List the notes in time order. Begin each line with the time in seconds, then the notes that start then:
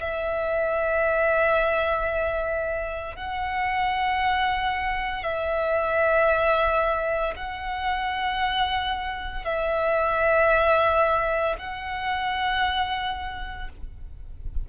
0.00 E5
3.15 F#5
5.23 E5
7.35 F#5
9.44 E5
11.58 F#5